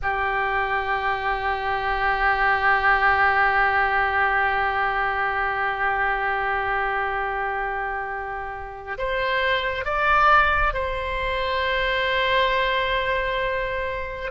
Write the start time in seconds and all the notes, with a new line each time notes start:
0.02 G4
8.98 C5
9.85 D5
10.73 C5